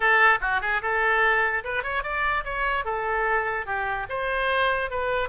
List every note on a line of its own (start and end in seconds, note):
0.00 0.39 A4
0.40 0.61 F#4
0.61 0.81 G#4
0.82 1.63 A4
1.63 1.83 B4
1.83 2.03 C#5
2.03 2.44 D5
2.44 2.84 C#5
2.84 3.65 A4
3.65 4.06 G4
4.09 4.90 C5
4.90 5.29 B4